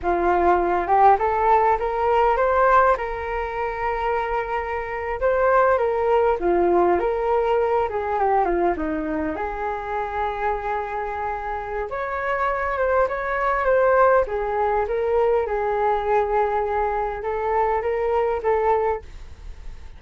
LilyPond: \new Staff \with { instrumentName = "flute" } { \time 4/4 \tempo 4 = 101 f'4. g'8 a'4 ais'4 | c''4 ais'2.~ | ais'8. c''4 ais'4 f'4 ais'16~ | ais'4~ ais'16 gis'8 g'8 f'8 dis'4 gis'16~ |
gis'1 | cis''4. c''8 cis''4 c''4 | gis'4 ais'4 gis'2~ | gis'4 a'4 ais'4 a'4 | }